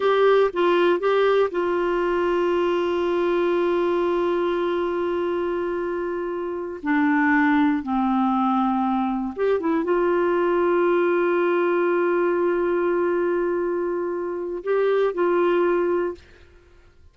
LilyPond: \new Staff \with { instrumentName = "clarinet" } { \time 4/4 \tempo 4 = 119 g'4 f'4 g'4 f'4~ | f'1~ | f'1~ | f'4. d'2 c'8~ |
c'2~ c'8 g'8 e'8 f'8~ | f'1~ | f'1~ | f'4 g'4 f'2 | }